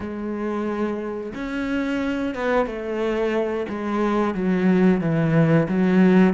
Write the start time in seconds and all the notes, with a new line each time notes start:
0.00 G#3
1.35 C#4
2.35 B3
2.66 A3
3.68 G#3
4.34 F#3
5.00 E3
5.68 F#3